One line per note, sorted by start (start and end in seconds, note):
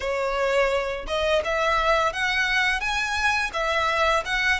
0.00 1.06 C#5
1.07 1.42 D#5
1.44 2.12 E5
2.12 2.80 F#5
2.80 3.50 G#5
3.53 4.24 E5
4.25 4.59 F#5